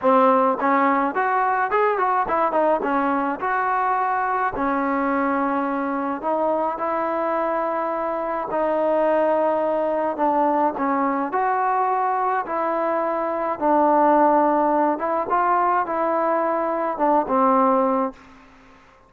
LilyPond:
\new Staff \with { instrumentName = "trombone" } { \time 4/4 \tempo 4 = 106 c'4 cis'4 fis'4 gis'8 fis'8 | e'8 dis'8 cis'4 fis'2 | cis'2. dis'4 | e'2. dis'4~ |
dis'2 d'4 cis'4 | fis'2 e'2 | d'2~ d'8 e'8 f'4 | e'2 d'8 c'4. | }